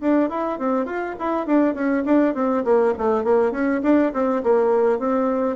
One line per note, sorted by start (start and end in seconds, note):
0.00 0.29 D4
0.29 0.58 E4
0.58 0.85 C4
0.85 1.15 F4
1.19 1.46 E4
1.46 1.74 D4
1.74 2.03 C#4
2.05 2.34 D4
2.34 2.63 C4
2.64 2.93 A#3
2.97 3.24 A3
3.24 3.51 A#3
3.51 3.81 C#4
3.82 4.12 D4
4.13 4.42 C4
4.43 4.98 A#3
4.98 5.56 C4